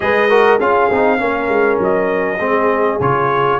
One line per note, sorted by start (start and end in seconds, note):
0.00 0.59 G#3
0.00 0.28 G#4
0.00 0.29 B4
0.00 0.59 D#5
0.29 0.59 F#4
0.29 0.58 A#4
0.58 0.89 C#4
0.58 0.90 F4
0.58 1.18 G#4
0.58 1.79 F5
0.90 1.20 C4
0.90 1.18 D#4
1.18 1.48 A#3
1.18 2.38 C#4
1.18 2.40 A#4
1.48 1.78 G#3
1.79 2.39 F#3
1.79 3.00 D#5
2.39 2.99 G#3
2.39 3.00 C4
2.39 3.59 G#4
3.00 3.59 C#3
3.00 3.59 F4
3.00 3.59 C#5